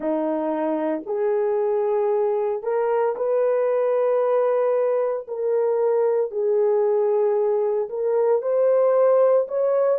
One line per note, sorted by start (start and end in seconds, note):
0.00 1.02 D#4
1.05 2.62 G#4
2.62 3.15 A#4
3.16 5.26 B4
5.27 6.31 A#4
6.31 7.89 G#4
7.89 8.42 A#4
8.42 9.47 C5
9.47 9.98 C#5